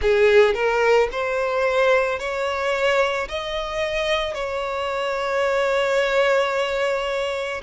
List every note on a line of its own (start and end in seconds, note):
0.01 0.54 G#4
0.54 1.08 A#4
1.11 2.19 C5
2.19 3.28 C#5
3.28 4.34 D#5
4.34 7.61 C#5